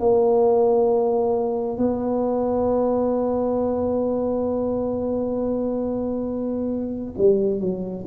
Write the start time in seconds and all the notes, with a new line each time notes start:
0.00 A#3
1.78 B3
7.18 G3
7.61 F#3